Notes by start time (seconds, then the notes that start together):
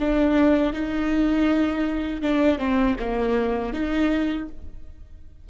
0.00 D4
0.73 D#4
2.22 D4
2.59 C4
3.00 A#3
3.73 D#4